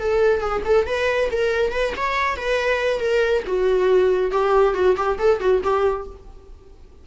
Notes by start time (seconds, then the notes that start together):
0.00 A4
0.41 G#4
0.65 A4
0.87 B4
1.32 A#4
1.72 B4
1.97 C#5
2.37 B4
3.00 A#4
3.47 F#4
4.32 G4
4.75 F#4
4.97 G4
5.19 A4
5.41 F#4
5.64 G4